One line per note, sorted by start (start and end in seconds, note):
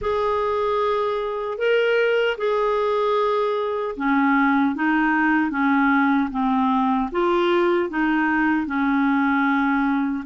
0.01 1.58 G#4
1.58 2.37 A#4
2.37 3.95 G#4
3.96 4.75 C#4
4.75 5.50 D#4
5.50 6.29 C#4
6.31 7.09 C4
7.11 7.89 F4
7.89 8.66 D#4
8.66 10.24 C#4